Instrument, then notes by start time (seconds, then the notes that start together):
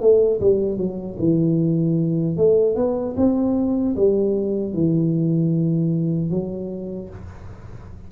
tuba
0.00 A3
0.40 G3
0.77 F#3
1.18 E3
2.37 A3
2.76 B3
3.17 C4
3.96 G3
4.74 E3
6.30 F#3